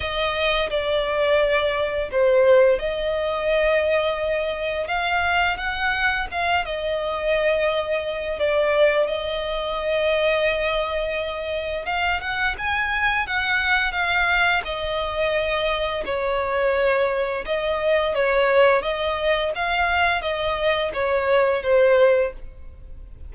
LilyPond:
\new Staff \with { instrumentName = "violin" } { \time 4/4 \tempo 4 = 86 dis''4 d''2 c''4 | dis''2. f''4 | fis''4 f''8 dis''2~ dis''8 | d''4 dis''2.~ |
dis''4 f''8 fis''8 gis''4 fis''4 | f''4 dis''2 cis''4~ | cis''4 dis''4 cis''4 dis''4 | f''4 dis''4 cis''4 c''4 | }